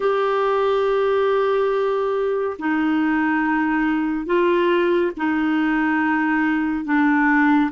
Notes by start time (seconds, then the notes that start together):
0.00 G4
2.58 D#4
4.25 F4
5.17 D#4
6.84 D4